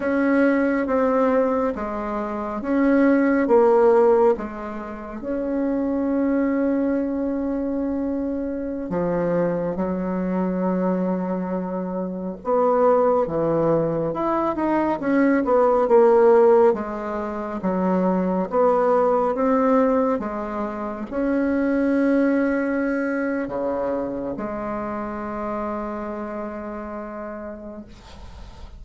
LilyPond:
\new Staff \with { instrumentName = "bassoon" } { \time 4/4 \tempo 4 = 69 cis'4 c'4 gis4 cis'4 | ais4 gis4 cis'2~ | cis'2~ cis'16 f4 fis8.~ | fis2~ fis16 b4 e8.~ |
e16 e'8 dis'8 cis'8 b8 ais4 gis8.~ | gis16 fis4 b4 c'4 gis8.~ | gis16 cis'2~ cis'8. cis4 | gis1 | }